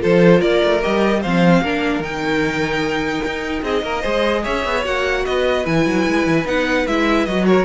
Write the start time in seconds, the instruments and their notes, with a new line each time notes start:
0.00 cello F3, viola F4, violin A4 C5
0.40 cello A#3, violin A#4 D5
0.63 cello A3
0.82 cello G3, viola G4, violin D#5
1.22 cello F3, viola C4, violin C5 F5
1.62 cello A#3, viola D4, violin A#4
2.00 cello D#3, viola D#4, violin G5
3.26 cello D#4
3.63 cello C4, violin G#4 D#5
3.83 cello A#3, violin A#4
4.02 cello G#3, viola G#4, violin C5
4.43 cello C#4, violin C#5 E5
4.66 cello B3
4.85 cello A#3, viola F#4, violin F#5
5.26 cello B3, violin B4 D#5
5.65 cello E3, viola E4, violin G#5
5.86 cello F#3
6.07 cello G#3
6.27 cello E3
6.46 cello B3, viola D#4, violin F#5
6.87 cello G#3, viola E4, violin E5
7.26 cello F#3, viola F#4, violin D#5
7.47 violin A#4 C#5